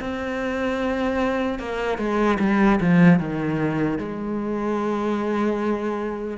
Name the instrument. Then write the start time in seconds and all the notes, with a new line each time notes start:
cello
0.00 C4
1.59 A#3
1.98 G#3
2.39 G3
2.80 F3
3.19 D#3
3.98 G#3